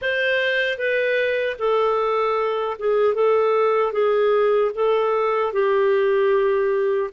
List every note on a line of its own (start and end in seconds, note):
0.01 0.78 C5
0.78 1.56 B4
1.58 2.77 A4
2.78 3.14 G#4
3.14 3.92 A4
3.92 4.71 G#4
4.74 5.52 A4
5.52 7.10 G4